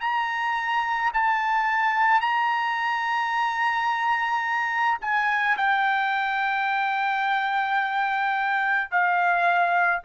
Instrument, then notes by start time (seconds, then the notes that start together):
trumpet
0.00 A#5
1.13 A5
2.20 A#5
5.01 G#5
5.57 G5
8.91 F5